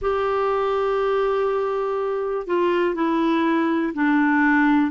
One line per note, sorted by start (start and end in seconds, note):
0.01 2.46 G4
2.46 2.95 F4
2.95 3.93 E4
3.93 4.91 D4